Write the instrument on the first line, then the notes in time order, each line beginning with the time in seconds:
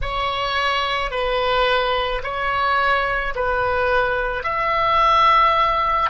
oboe
0.02 C#5
1.11 B4
2.23 C#5
3.35 B4
4.43 E5